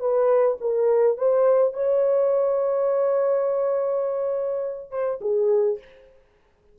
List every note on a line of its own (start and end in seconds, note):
0.00 0.58 B4
0.61 1.18 A#4
1.18 1.74 C5
1.74 4.91 C#5
4.91 5.19 C5
5.21 5.79 G#4